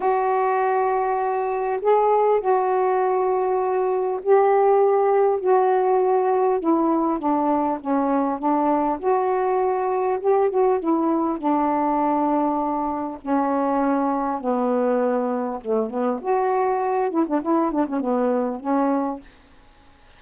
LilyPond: \new Staff \with { instrumentName = "saxophone" } { \time 4/4 \tempo 4 = 100 fis'2. gis'4 | fis'2. g'4~ | g'4 fis'2 e'4 | d'4 cis'4 d'4 fis'4~ |
fis'4 g'8 fis'8 e'4 d'4~ | d'2 cis'2 | b2 a8 b8 fis'4~ | fis'8 e'16 d'16 e'8 d'16 cis'16 b4 cis'4 | }